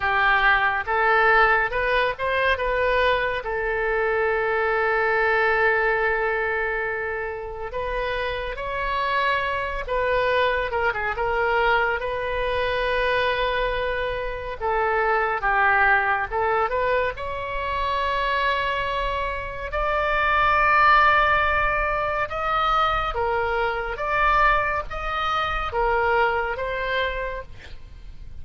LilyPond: \new Staff \with { instrumentName = "oboe" } { \time 4/4 \tempo 4 = 70 g'4 a'4 b'8 c''8 b'4 | a'1~ | a'4 b'4 cis''4. b'8~ | b'8 ais'16 gis'16 ais'4 b'2~ |
b'4 a'4 g'4 a'8 b'8 | cis''2. d''4~ | d''2 dis''4 ais'4 | d''4 dis''4 ais'4 c''4 | }